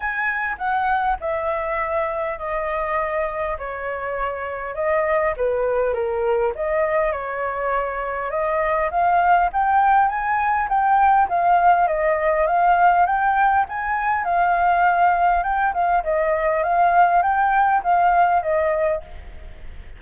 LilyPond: \new Staff \with { instrumentName = "flute" } { \time 4/4 \tempo 4 = 101 gis''4 fis''4 e''2 | dis''2 cis''2 | dis''4 b'4 ais'4 dis''4 | cis''2 dis''4 f''4 |
g''4 gis''4 g''4 f''4 | dis''4 f''4 g''4 gis''4 | f''2 g''8 f''8 dis''4 | f''4 g''4 f''4 dis''4 | }